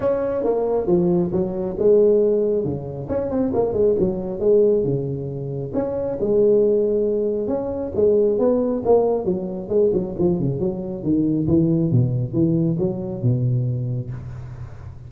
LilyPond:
\new Staff \with { instrumentName = "tuba" } { \time 4/4 \tempo 4 = 136 cis'4 ais4 f4 fis4 | gis2 cis4 cis'8 c'8 | ais8 gis8 fis4 gis4 cis4~ | cis4 cis'4 gis2~ |
gis4 cis'4 gis4 b4 | ais4 fis4 gis8 fis8 f8 cis8 | fis4 dis4 e4 b,4 | e4 fis4 b,2 | }